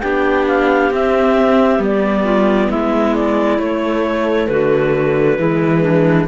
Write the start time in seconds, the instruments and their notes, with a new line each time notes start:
0.00 cello B3, viola D4, clarinet G4 G5
0.48 clarinet F5
0.90 cello C4, viola C4, clarinet E5
1.79 cello G3, viola B3, clarinet D5
2.24 clarinet F4
2.69 cello G#3, clarinet E4 E5
3.15 clarinet D5
3.58 cello A3, viola A3, clarinet C#5
4.48 cello D3, clarinet F#4 B4
5.38 cello E3, viola G#3, clarinet E4
5.82 clarinet D4